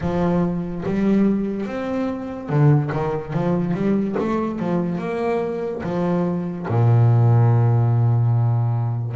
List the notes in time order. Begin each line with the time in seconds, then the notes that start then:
0.00 F3
0.85 G3
1.66 C4
2.48 D3
2.92 D#3
3.33 F3
3.73 G3
4.19 A3
4.59 F3
4.98 A#3
5.83 F3
6.67 A#2